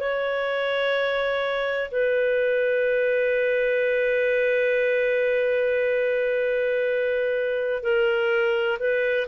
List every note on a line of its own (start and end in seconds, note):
0.00 1.90 C#5
1.91 7.83 B4
7.83 8.78 A#4
8.80 9.27 B4